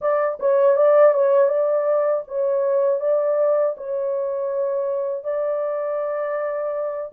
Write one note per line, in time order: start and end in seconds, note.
0.01 0.38 D5
0.39 0.76 C#5
0.76 1.13 D5
1.13 1.48 C#5
1.48 2.23 D5
2.27 3.00 C#5
3.00 3.75 D5
3.77 5.23 C#5
5.23 7.11 D5